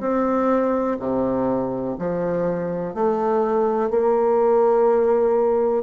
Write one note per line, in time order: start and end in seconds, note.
0.00 0.97 C4
0.99 1.96 C3
1.98 2.94 F3
2.94 3.90 A3
3.90 5.83 A#3